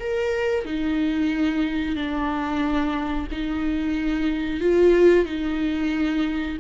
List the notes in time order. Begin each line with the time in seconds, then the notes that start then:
0.00 A#4
0.65 D#4
1.96 D4
3.32 D#4
4.61 F4
5.26 D#4